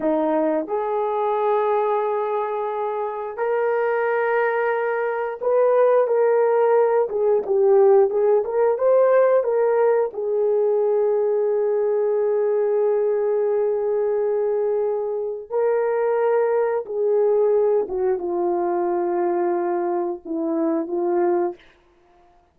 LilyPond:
\new Staff \with { instrumentName = "horn" } { \time 4/4 \tempo 4 = 89 dis'4 gis'2.~ | gis'4 ais'2. | b'4 ais'4. gis'8 g'4 | gis'8 ais'8 c''4 ais'4 gis'4~ |
gis'1~ | gis'2. ais'4~ | ais'4 gis'4. fis'8 f'4~ | f'2 e'4 f'4 | }